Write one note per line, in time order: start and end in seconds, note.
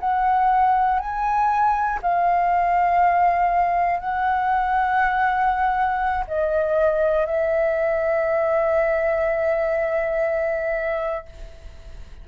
0.00 1.00 F#5
1.00 2.00 G#5
2.02 4.00 F5
4.00 6.25 F#5
6.27 7.26 D#5
7.26 11.26 E5